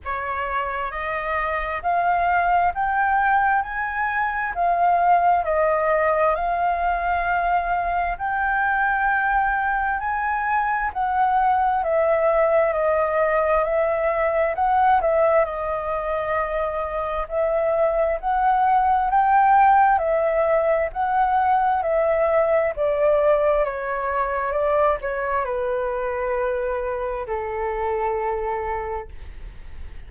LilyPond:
\new Staff \with { instrumentName = "flute" } { \time 4/4 \tempo 4 = 66 cis''4 dis''4 f''4 g''4 | gis''4 f''4 dis''4 f''4~ | f''4 g''2 gis''4 | fis''4 e''4 dis''4 e''4 |
fis''8 e''8 dis''2 e''4 | fis''4 g''4 e''4 fis''4 | e''4 d''4 cis''4 d''8 cis''8 | b'2 a'2 | }